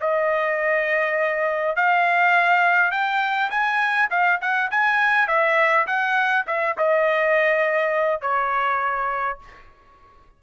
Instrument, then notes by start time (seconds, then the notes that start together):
trumpet
0.00 D#5
1.76 F5
2.91 G5
3.50 G#5
4.10 F5
4.41 F#5
4.70 G#5
5.27 E5
5.86 F#5
6.47 E5
6.77 D#5
8.21 C#5